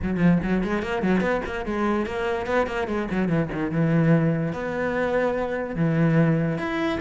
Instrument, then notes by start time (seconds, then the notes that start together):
cello
0.02 F#3
0.17 F3
0.42 F#3
0.63 G#3
0.82 A#3
1.02 F#3
1.20 B3
1.45 A#3
1.65 G#3
2.06 A#3
2.46 B3
2.67 A#3
2.87 G#3
3.10 F#3
3.28 E3
3.52 D#3
3.71 E3
4.53 B3
5.75 E3
6.58 E4